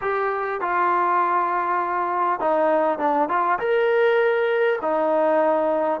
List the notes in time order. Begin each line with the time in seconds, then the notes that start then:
0.01 G4
0.60 F4
2.39 D#4
2.98 D4
3.28 F4
3.59 A#4
4.81 D#4